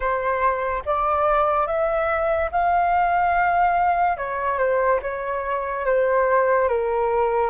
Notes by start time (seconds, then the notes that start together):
0.00 C5
0.85 D5
1.66 E5
2.52 F5
4.17 C#5
4.58 C5
5.02 C#5
5.85 C5
6.68 A#4